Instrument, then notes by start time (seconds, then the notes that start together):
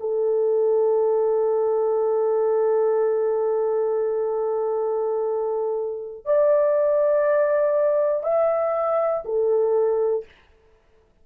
horn
0.00 A4
6.25 D5
8.23 E5
9.25 A4